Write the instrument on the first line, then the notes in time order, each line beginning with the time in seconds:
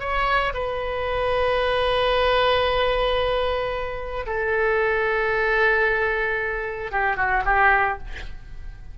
oboe
0.00 C#5
0.54 B4
4.26 A4
6.91 G4
7.17 F#4
7.45 G4